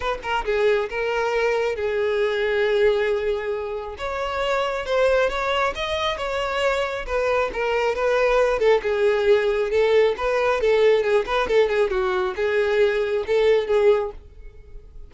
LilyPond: \new Staff \with { instrumentName = "violin" } { \time 4/4 \tempo 4 = 136 b'8 ais'8 gis'4 ais'2 | gis'1~ | gis'4 cis''2 c''4 | cis''4 dis''4 cis''2 |
b'4 ais'4 b'4. a'8 | gis'2 a'4 b'4 | a'4 gis'8 b'8 a'8 gis'8 fis'4 | gis'2 a'4 gis'4 | }